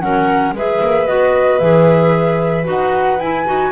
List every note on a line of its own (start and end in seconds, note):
0.00 0.53 F#3
0.00 0.54 C#4
0.00 0.56 A#4
0.00 0.53 F#5
0.53 0.79 G#3
0.53 1.07 G#4
0.53 3.71 B4
0.53 1.07 E5
0.81 1.07 A#3
1.07 1.60 B3
1.07 1.60 F#4
1.07 1.59 D#5
1.59 2.67 E3
1.59 2.64 G#4
1.59 2.65 E5
2.64 3.19 D#4
2.64 3.17 F#4
2.64 3.20 F#5
3.19 3.46 E4
3.19 3.71 G#5
3.46 3.71 D#4
3.46 3.71 F#4